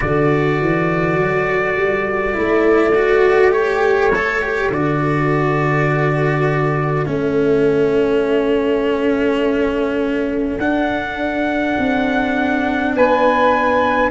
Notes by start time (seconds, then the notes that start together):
0.00 D3 F#4 A4 D5
0.60 E3
1.19 F#3
1.75 G3
2.33 A3 E4
2.94 F#4
3.51 G4 C#5
4.15 A4
4.41 G4
4.70 D3 F#4 D5
7.05 A3 C#4 E5
10.58 D4 F#5
11.78 C4
12.95 B3 B4 G#5